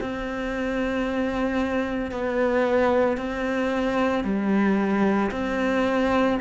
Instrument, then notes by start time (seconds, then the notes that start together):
cello
0.00 C4
2.11 B3
3.17 C4
4.24 G3
5.31 C4